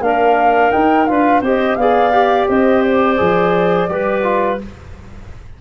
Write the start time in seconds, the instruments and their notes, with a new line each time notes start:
0.00 tuba A#3, trombone D4, clarinet A#4, flute F5
0.71 trombone D#4, tuba D#4, flute G5
1.06 tuba D4, trombone F4, clarinet B4, flute F5
1.41 tuba C4, trombone G4, clarinet C5, flute D#5
1.75 tuba B3, trombone G#4, clarinet D5, flute F5
2.12 trombone G4
2.49 tuba C4, clarinet C5, flute D#5
2.82 flute D5
3.17 tuba F3, trombone G#4
3.89 tuba G3, trombone G4, clarinet B4
4.23 trombone F4